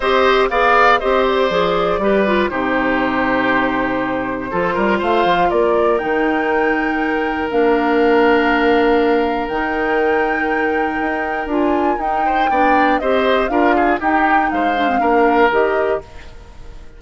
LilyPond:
<<
  \new Staff \with { instrumentName = "flute" } { \time 4/4 \tempo 4 = 120 dis''4 f''4 dis''8 d''4.~ | d''4 c''2.~ | c''2 f''4 d''4 | g''2. f''4~ |
f''2. g''4~ | g''2. gis''4 | g''2 dis''4 f''4 | g''4 f''2 dis''4 | }
  \new Staff \with { instrumentName = "oboe" } { \time 4/4 c''4 d''4 c''2 | b'4 g'2.~ | g'4 a'8 ais'8 c''4 ais'4~ | ais'1~ |
ais'1~ | ais'1~ | ais'8 c''8 d''4 c''4 ais'8 gis'8 | g'4 c''4 ais'2 | }
  \new Staff \with { instrumentName = "clarinet" } { \time 4/4 g'4 gis'4 g'4 gis'4 | g'8 f'8 dis'2.~ | dis'4 f'2. | dis'2. d'4~ |
d'2. dis'4~ | dis'2. f'4 | dis'4 d'4 g'4 f'4 | dis'4. d'16 c'16 d'4 g'4 | }
  \new Staff \with { instrumentName = "bassoon" } { \time 4/4 c'4 b4 c'4 f4 | g4 c2.~ | c4 f8 g8 a8 f8 ais4 | dis2. ais4~ |
ais2. dis4~ | dis2 dis'4 d'4 | dis'4 b4 c'4 d'4 | dis'4 gis4 ais4 dis4 | }
>>